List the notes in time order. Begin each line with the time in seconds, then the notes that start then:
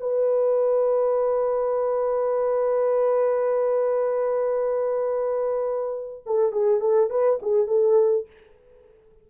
0.00 B4
6.26 A4
6.52 G#4
6.81 A4
7.10 B4
7.42 G#4
7.67 A4